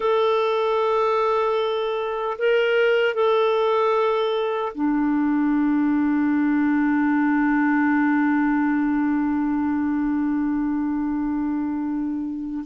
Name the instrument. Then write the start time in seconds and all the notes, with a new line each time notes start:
clarinet
0.00 A4
2.38 A#4
3.14 A4
4.74 D4